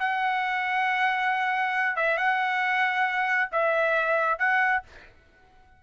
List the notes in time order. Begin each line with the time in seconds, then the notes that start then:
0.00 F#5
1.97 E5
2.18 F#5
3.52 E5
4.39 F#5